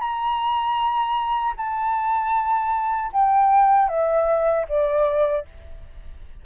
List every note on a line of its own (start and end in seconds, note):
0.00 1.54 A#5
1.57 3.10 A5
3.12 3.88 G5
3.88 4.65 E5
4.68 5.45 D5